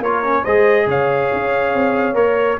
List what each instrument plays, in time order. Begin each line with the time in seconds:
0.00 tuba A#3, trombone F4, horn A#4, trumpet C#5
0.23 trombone C#4
0.43 tuba G#3, trombone G#4, horn C5, trumpet D#5
0.87 tuba C#3, horn C#5, trumpet F5
1.33 tuba C#4
1.74 tuba C4
2.14 tuba A#3, trombone A#4, trumpet C#5